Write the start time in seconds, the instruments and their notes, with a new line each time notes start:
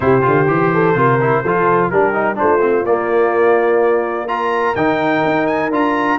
0.00 tuba C3, trombone E4, horn G4, trumpet C5
0.21 tuba D3, trombone F4
0.47 tuba E3, trombone G4
0.73 horn A4
0.95 tuba C3, trombone F4, horn A#4
1.20 trombone E4
1.42 tuba F3, trombone F4, horn A4
1.90 tuba G3, trombone D4, horn G4, trumpet A#4
2.13 trombone D#4
2.35 tuba A3, trombone D4, trumpet C5
2.42 horn F4
2.60 trombone C4
2.84 tuba A#3, trombone A#3, trumpet D5
4.27 trombone F4, horn A#4, trumpet A#5
4.75 tuba D#3, trombone D#4, trumpet G5
5.25 tuba D#4
5.46 trumpet G#5
5.70 tuba D4, trombone F4, trumpet A#5